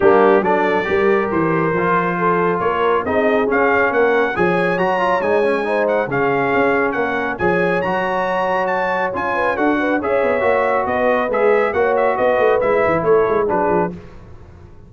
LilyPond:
<<
  \new Staff \with { instrumentName = "trumpet" } { \time 4/4 \tempo 4 = 138 g'4 d''2 c''4~ | c''2 cis''4 dis''4 | f''4 fis''4 gis''4 ais''4 | gis''4. fis''8 f''2 |
fis''4 gis''4 ais''2 | a''4 gis''4 fis''4 e''4~ | e''4 dis''4 e''4 fis''8 e''8 | dis''4 e''4 cis''4 b'4 | }
  \new Staff \with { instrumentName = "horn" } { \time 4/4 d'4 a'4 ais'2~ | ais'4 a'4 ais'4 gis'4~ | gis'4 ais'4 cis''2~ | cis''4 c''4 gis'2 |
ais'4 cis''2.~ | cis''4. b'8 a'8 b'8 cis''4~ | cis''4 b'2 cis''4 | b'2 a'4 gis'4 | }
  \new Staff \with { instrumentName = "trombone" } { \time 4/4 ais4 d'4 g'2 | f'2. dis'4 | cis'2 gis'4 fis'8 f'8 | dis'8 cis'8 dis'4 cis'2~ |
cis'4 gis'4 fis'2~ | fis'4 f'4 fis'4 gis'4 | fis'2 gis'4 fis'4~ | fis'4 e'2 d'4 | }
  \new Staff \with { instrumentName = "tuba" } { \time 4/4 g4 fis4 g4 e4 | f2 ais4 c'4 | cis'4 ais4 f4 fis4 | gis2 cis4 cis'4 |
ais4 f4 fis2~ | fis4 cis'4 d'4 cis'8 b8 | ais4 b4 gis4 ais4 | b8 a8 gis8 e8 a8 gis8 fis8 f8 | }
>>